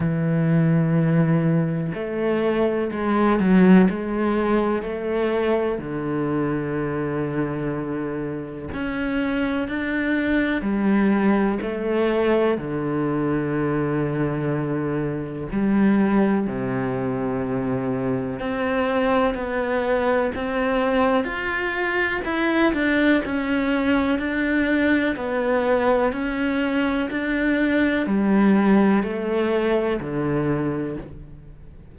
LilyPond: \new Staff \with { instrumentName = "cello" } { \time 4/4 \tempo 4 = 62 e2 a4 gis8 fis8 | gis4 a4 d2~ | d4 cis'4 d'4 g4 | a4 d2. |
g4 c2 c'4 | b4 c'4 f'4 e'8 d'8 | cis'4 d'4 b4 cis'4 | d'4 g4 a4 d4 | }